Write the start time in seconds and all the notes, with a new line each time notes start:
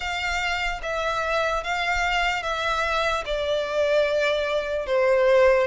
0.00 F5
0.82 E5
1.63 F5
2.43 E5
3.25 D5
4.86 C5